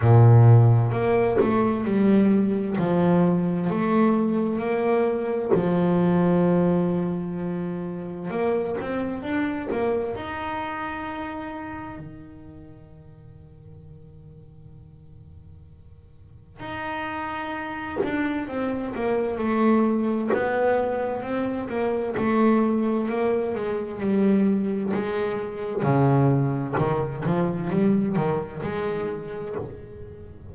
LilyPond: \new Staff \with { instrumentName = "double bass" } { \time 4/4 \tempo 4 = 65 ais,4 ais8 a8 g4 f4 | a4 ais4 f2~ | f4 ais8 c'8 d'8 ais8 dis'4~ | dis'4 dis2.~ |
dis2 dis'4. d'8 | c'8 ais8 a4 b4 c'8 ais8 | a4 ais8 gis8 g4 gis4 | cis4 dis8 f8 g8 dis8 gis4 | }